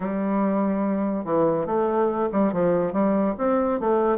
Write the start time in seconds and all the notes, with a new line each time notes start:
0.00 G3
1.25 E3
1.66 A3
2.32 G3
2.53 F3
2.93 G3
3.38 C4
3.80 A3